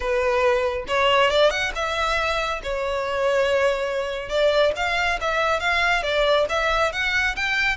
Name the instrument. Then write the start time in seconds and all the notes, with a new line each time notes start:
violin
0.00 B4
0.87 C#5
1.30 D5
1.50 F#5
1.75 E5
2.63 C#5
4.29 D5
4.76 F5
5.21 E5
5.60 F5
6.02 D5
6.49 E5
6.92 F#5
7.36 G5